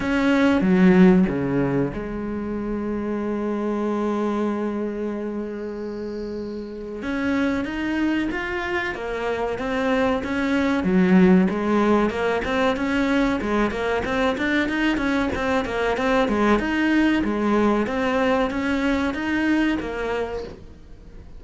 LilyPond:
\new Staff \with { instrumentName = "cello" } { \time 4/4 \tempo 4 = 94 cis'4 fis4 cis4 gis4~ | gis1~ | gis2. cis'4 | dis'4 f'4 ais4 c'4 |
cis'4 fis4 gis4 ais8 c'8 | cis'4 gis8 ais8 c'8 d'8 dis'8 cis'8 | c'8 ais8 c'8 gis8 dis'4 gis4 | c'4 cis'4 dis'4 ais4 | }